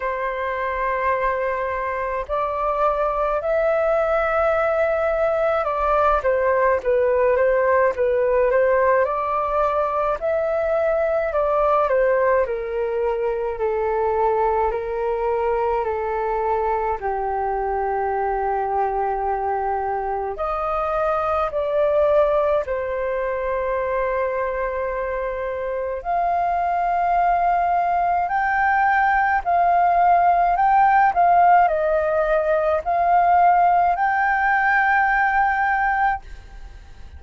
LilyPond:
\new Staff \with { instrumentName = "flute" } { \time 4/4 \tempo 4 = 53 c''2 d''4 e''4~ | e''4 d''8 c''8 b'8 c''8 b'8 c''8 | d''4 e''4 d''8 c''8 ais'4 | a'4 ais'4 a'4 g'4~ |
g'2 dis''4 d''4 | c''2. f''4~ | f''4 g''4 f''4 g''8 f''8 | dis''4 f''4 g''2 | }